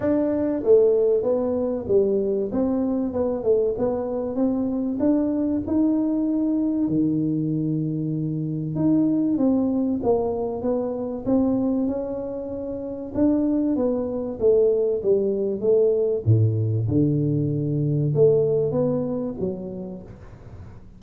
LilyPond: \new Staff \with { instrumentName = "tuba" } { \time 4/4 \tempo 4 = 96 d'4 a4 b4 g4 | c'4 b8 a8 b4 c'4 | d'4 dis'2 dis4~ | dis2 dis'4 c'4 |
ais4 b4 c'4 cis'4~ | cis'4 d'4 b4 a4 | g4 a4 a,4 d4~ | d4 a4 b4 fis4 | }